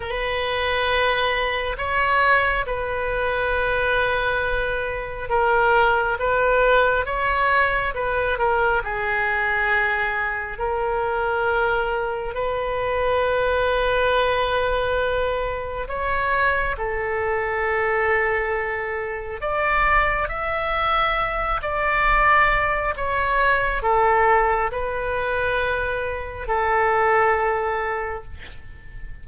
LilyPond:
\new Staff \with { instrumentName = "oboe" } { \time 4/4 \tempo 4 = 68 b'2 cis''4 b'4~ | b'2 ais'4 b'4 | cis''4 b'8 ais'8 gis'2 | ais'2 b'2~ |
b'2 cis''4 a'4~ | a'2 d''4 e''4~ | e''8 d''4. cis''4 a'4 | b'2 a'2 | }